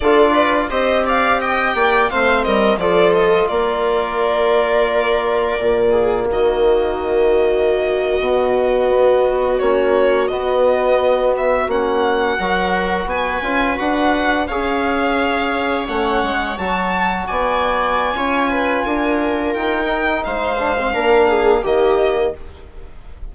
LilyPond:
<<
  \new Staff \with { instrumentName = "violin" } { \time 4/4 \tempo 4 = 86 d''4 dis''8 f''8 g''4 f''8 dis''8 | d''8 dis''8 d''2.~ | d''4 dis''2.~ | dis''4.~ dis''16 cis''4 dis''4~ dis''16~ |
dis''16 e''8 fis''2 gis''4 fis''16~ | fis''8. f''2 fis''4 a''16~ | a''8. gis''2.~ gis''16 | g''4 f''2 dis''4 | }
  \new Staff \with { instrumentName = "viola" } { \time 4/4 a'8 b'8 c''8 d''8 dis''8 d''8 c''8 ais'8 | a'4 ais'2.~ | ais'8 gis'8 fis'2.~ | fis'1~ |
fis'4.~ fis'16 ais'4 b'4~ b'16~ | b'8. cis''2.~ cis''16~ | cis''8. d''4~ d''16 cis''8 b'8 ais'4~ | ais'4 c''4 ais'8 gis'8 g'4 | }
  \new Staff \with { instrumentName = "trombone" } { \time 4/4 f'4 g'2 c'4 | f'1 | ais2.~ ais8. b16~ | b4.~ b16 cis'4 b4~ b16~ |
b8. cis'4 fis'4. f'8 fis'16~ | fis'8. gis'2 cis'4 fis'16~ | fis'2 f'2~ | f'8 dis'4 d'16 c'16 d'4 ais4 | }
  \new Staff \with { instrumentName = "bassoon" } { \time 4/4 d'4 c'4. ais8 a8 g8 | f4 ais2. | ais,4 dis2~ dis8. b,16~ | b,8. b4 ais4 b4~ b16~ |
b8. ais4 fis4 b8 cis'8 d'16~ | d'8. cis'2 a8 gis8 fis16~ | fis8. b4~ b16 cis'4 d'4 | dis'4 gis4 ais4 dis4 | }
>>